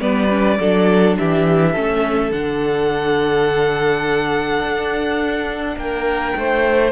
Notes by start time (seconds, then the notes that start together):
0.00 G3 B3 B4 D5
0.29 C#4
0.59 F#3 D4 A4
1.18 E3 G4 E5
1.72 A3 C#4 A4
2.31 D3 D4 F#5
4.62 D4
5.76 A#3 A#4 G5
6.36 A3 C5